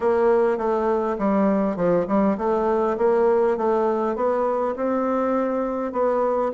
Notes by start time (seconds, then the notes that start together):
0.00 A#3
0.57 A3
1.18 G3
1.76 F3
2.07 G3
2.37 A3
2.97 A#3
3.57 A3
4.15 B3
4.76 C4
5.92 B3